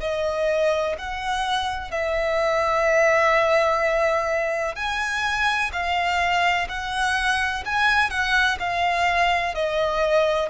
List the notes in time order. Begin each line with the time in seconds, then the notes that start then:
0.00 D#5
0.98 F#5
1.91 E5
4.75 G#5
5.73 F5
6.68 F#5
7.65 G#5
8.10 F#5
8.59 F5
9.55 D#5